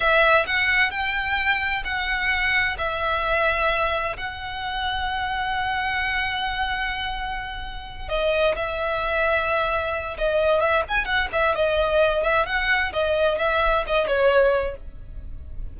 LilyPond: \new Staff \with { instrumentName = "violin" } { \time 4/4 \tempo 4 = 130 e''4 fis''4 g''2 | fis''2 e''2~ | e''4 fis''2.~ | fis''1~ |
fis''4. dis''4 e''4.~ | e''2 dis''4 e''8 gis''8 | fis''8 e''8 dis''4. e''8 fis''4 | dis''4 e''4 dis''8 cis''4. | }